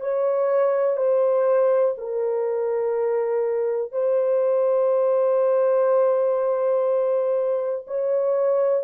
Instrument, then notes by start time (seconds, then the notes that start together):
horn
0.00 C#5
0.97 C5
1.98 A#4
3.92 C5
7.87 C#5